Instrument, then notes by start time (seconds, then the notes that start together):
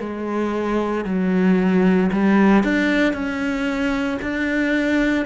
cello
0.00 G#3
1.05 F#3
2.12 G3
2.64 D4
3.13 C#4
4.22 D4